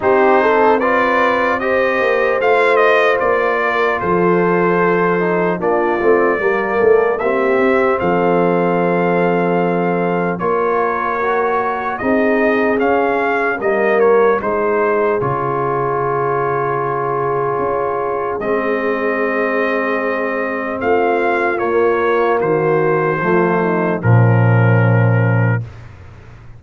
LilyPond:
<<
  \new Staff \with { instrumentName = "trumpet" } { \time 4/4 \tempo 4 = 75 c''4 d''4 dis''4 f''8 dis''8 | d''4 c''2 d''4~ | d''4 e''4 f''2~ | f''4 cis''2 dis''4 |
f''4 dis''8 cis''8 c''4 cis''4~ | cis''2. dis''4~ | dis''2 f''4 cis''4 | c''2 ais'2 | }
  \new Staff \with { instrumentName = "horn" } { \time 4/4 g'8 a'8 b'4 c''2~ | c''8 ais'8 a'2 f'4 | ais'8 a'8 g'4 a'2~ | a'4 ais'2 gis'4~ |
gis'4 ais'4 gis'2~ | gis'1~ | gis'2 f'2 | fis'4 f'8 dis'8 cis'2 | }
  \new Staff \with { instrumentName = "trombone" } { \time 4/4 dis'4 f'4 g'4 f'4~ | f'2~ f'8 dis'8 d'8 c'8 | ais4 c'2.~ | c'4 f'4 fis'4 dis'4 |
cis'4 ais4 dis'4 f'4~ | f'2. c'4~ | c'2. ais4~ | ais4 a4 f2 | }
  \new Staff \with { instrumentName = "tuba" } { \time 4/4 c'2~ c'8 ais8 a4 | ais4 f2 ais8 a8 | g8 a8 ais8 c'8 f2~ | f4 ais2 c'4 |
cis'4 g4 gis4 cis4~ | cis2 cis'4 gis4~ | gis2 a4 ais4 | dis4 f4 ais,2 | }
>>